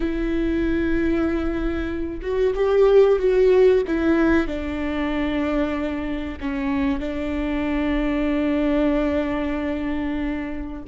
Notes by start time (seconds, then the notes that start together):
0.00 E4
2.21 F#4
2.55 G4
3.19 F#4
3.87 E4
4.47 D4
6.40 C#4
6.99 D4